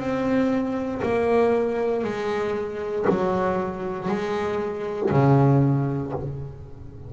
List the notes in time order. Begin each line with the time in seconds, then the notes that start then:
0.00 C4
1.03 A#3
2.04 G#3
3.10 F#3
4.09 G#3
5.11 C#3